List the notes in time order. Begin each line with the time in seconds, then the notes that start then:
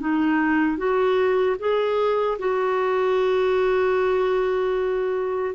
0.00 D#4
0.78 F#4
1.59 G#4
2.39 F#4